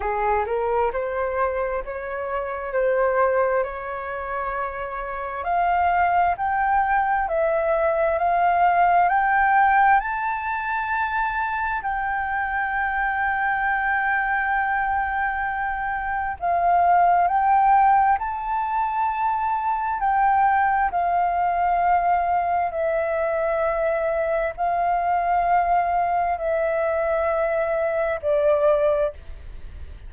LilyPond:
\new Staff \with { instrumentName = "flute" } { \time 4/4 \tempo 4 = 66 gis'8 ais'8 c''4 cis''4 c''4 | cis''2 f''4 g''4 | e''4 f''4 g''4 a''4~ | a''4 g''2.~ |
g''2 f''4 g''4 | a''2 g''4 f''4~ | f''4 e''2 f''4~ | f''4 e''2 d''4 | }